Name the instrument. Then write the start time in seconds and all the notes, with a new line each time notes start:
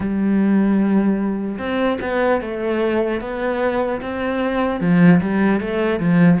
cello
0.00 G3
1.58 C4
2.01 B3
2.41 A3
3.20 B3
4.01 C4
4.80 F3
5.20 G3
5.60 A3
5.99 F3